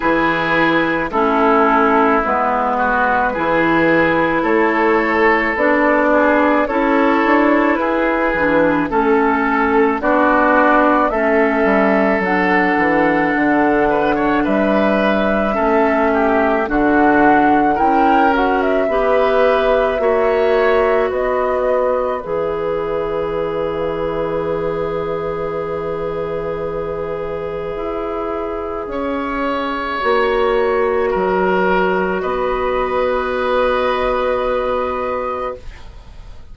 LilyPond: <<
  \new Staff \with { instrumentName = "flute" } { \time 4/4 \tempo 4 = 54 b'4 a'4 b'2 | cis''4 d''4 cis''4 b'4 | a'4 d''4 e''4 fis''4~ | fis''4 e''2 fis''4 |
g''8 fis''16 e''2~ e''16 dis''4 | e''1~ | e''1~ | e''4 dis''2. | }
  \new Staff \with { instrumentName = "oboe" } { \time 4/4 gis'4 e'4. fis'8 gis'4 | a'4. gis'8 a'4 gis'4 | a'4 fis'4 a'2~ | a'8 b'16 cis''16 b'4 a'8 g'8 fis'4 |
ais'4 b'4 cis''4 b'4~ | b'1~ | b'2 cis''2 | ais'4 b'2. | }
  \new Staff \with { instrumentName = "clarinet" } { \time 4/4 e'4 cis'4 b4 e'4~ | e'4 d'4 e'4. d'8 | cis'4 d'4 cis'4 d'4~ | d'2 cis'4 d'4 |
e'8 fis'8 g'4 fis'2 | gis'1~ | gis'2. fis'4~ | fis'1 | }
  \new Staff \with { instrumentName = "bassoon" } { \time 4/4 e4 a4 gis4 e4 | a4 b4 cis'8 d'8 e'8 e8 | a4 b4 a8 g8 fis8 e8 | d4 g4 a4 d4 |
cis'4 b4 ais4 b4 | e1~ | e4 e'4 cis'4 ais4 | fis4 b2. | }
>>